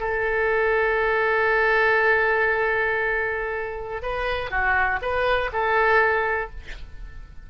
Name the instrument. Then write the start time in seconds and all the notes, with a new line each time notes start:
oboe
0.00 A4
4.02 B4
4.51 F#4
5.02 B4
5.53 A4